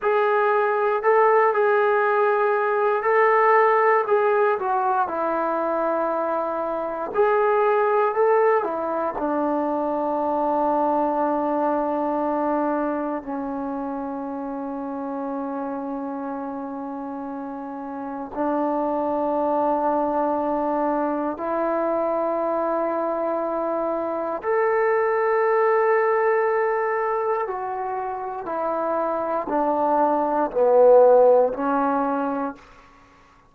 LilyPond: \new Staff \with { instrumentName = "trombone" } { \time 4/4 \tempo 4 = 59 gis'4 a'8 gis'4. a'4 | gis'8 fis'8 e'2 gis'4 | a'8 e'8 d'2.~ | d'4 cis'2.~ |
cis'2 d'2~ | d'4 e'2. | a'2. fis'4 | e'4 d'4 b4 cis'4 | }